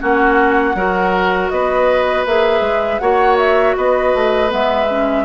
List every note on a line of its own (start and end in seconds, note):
0.00 0.75 A#3
0.00 0.75 C#4
0.00 0.76 F#4
0.00 1.50 F#5
0.75 1.50 F#3
0.75 2.27 F#4
0.75 1.52 A#4
1.50 2.26 B3
1.50 3.02 B4
1.50 2.25 D#5
2.26 2.61 A#3
2.26 3.01 G#4
2.26 3.00 E5
2.61 2.99 G#3
3.00 3.76 A#3
3.00 4.49 F#4
3.00 3.77 C#5
3.00 3.37 F#5
3.38 3.76 E5
3.77 4.14 B3
3.77 5.25 B4
3.77 4.52 D#5
4.15 4.52 A3
4.49 5.25 G#3
4.49 4.86 B3
4.49 5.25 E5
4.90 5.25 C#4